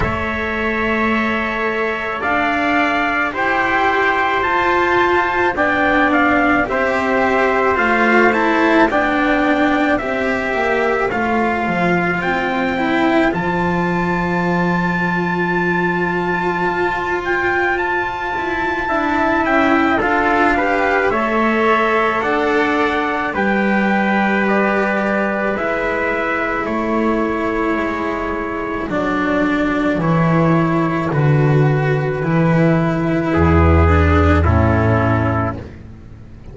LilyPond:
<<
  \new Staff \with { instrumentName = "trumpet" } { \time 4/4 \tempo 4 = 54 e''2 f''4 g''4 | a''4 g''8 f''8 e''4 f''8 a''8 | g''4 e''4 f''4 g''4 | a''2.~ a''8 g''8 |
a''4. g''8 f''4 e''4 | fis''4 g''4 d''4 e''4 | cis''2 d''4 cis''4 | b'2. a'4 | }
  \new Staff \with { instrumentName = "trumpet" } { \time 4/4 cis''2 d''4 c''4~ | c''4 d''4 c''2 | d''4 c''2.~ | c''1~ |
c''4 e''4 a'8 b'8 cis''4 | d''4 b'2. | a'1~ | a'2 gis'4 e'4 | }
  \new Staff \with { instrumentName = "cello" } { \time 4/4 a'2. g'4 | f'4 d'4 g'4 f'8 e'8 | d'4 g'4 f'4. e'8 | f'1~ |
f'4 e'4 f'8 g'8 a'4~ | a'4 g'2 e'4~ | e'2 d'4 e'4 | fis'4 e'4. d'8 cis'4 | }
  \new Staff \with { instrumentName = "double bass" } { \time 4/4 a2 d'4 e'4 | f'4 b4 c'4 a4 | b4 c'8 ais8 a8 f8 c'4 | f2. f'4~ |
f'8 e'8 d'8 cis'8 d'4 a4 | d'4 g2 gis4 | a4 gis4 fis4 e4 | d4 e4 e,4 a,4 | }
>>